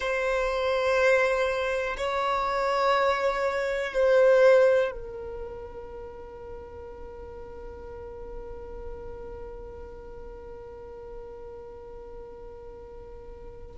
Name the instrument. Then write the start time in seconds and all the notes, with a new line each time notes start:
violin
0.00 C5
1.97 C#5
3.93 C5
4.91 A#4